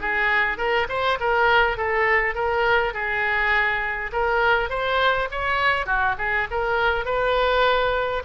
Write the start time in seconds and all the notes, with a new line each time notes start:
0.00 G#4
0.57 A#4
0.89 C5
1.20 A#4
1.77 A4
2.34 A#4
2.93 G#4
4.12 A#4
4.69 C5
5.31 C#5
5.86 F#4
6.18 G#4
6.50 A#4
7.05 B4